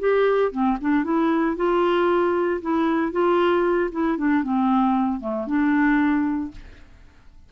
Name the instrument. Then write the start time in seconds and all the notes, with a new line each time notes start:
clarinet
0.00 G4
0.52 C4
0.81 D4
1.04 E4
1.57 F4
2.62 E4
3.12 F4
3.92 E4
4.18 D4
4.43 C4
5.21 A3
5.47 D4